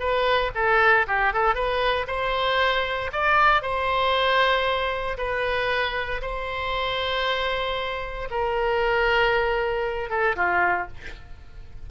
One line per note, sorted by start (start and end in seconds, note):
0.00 0.52 B4
0.55 1.07 A4
1.08 1.34 G4
1.34 1.55 A4
1.55 2.07 B4
2.08 3.11 C5
3.13 3.63 D5
3.63 5.18 C5
5.18 6.22 B4
6.22 8.29 C5
8.31 10.10 A#4
10.10 10.36 A4
10.36 10.88 F4